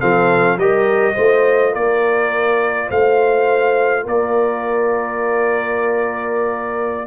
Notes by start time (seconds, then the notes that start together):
0.00 F3 C4 A4 F5
0.56 G3 G4 A#4 D#5
1.14 A3 F4 C5
1.72 A#3 A#4 D5
2.88 A3 C5 F5
4.03 A#3 A#4 D5